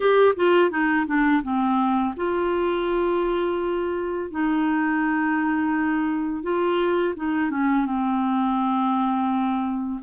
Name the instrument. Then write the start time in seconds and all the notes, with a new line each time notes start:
clarinet
0.00 G4
0.36 F4
0.70 D#4
1.06 D4
1.43 C4
2.16 F4
4.31 D#4
6.43 F4
7.16 D#4
7.50 C#4
7.85 C4